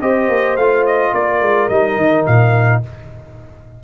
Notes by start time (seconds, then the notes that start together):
0.00 C4 G4 C5 D#5
0.29 A#3
0.57 A3 F4 F5
0.86 D#5
1.13 A#3 A#4 D5
1.42 G#3
1.69 G3 D#4 D#5
1.97 D#3
2.26 A#2 F5